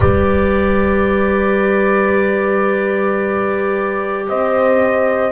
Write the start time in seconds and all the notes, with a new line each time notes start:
0.00 G3 G4 B4 D5
4.28 C4 C5 D#5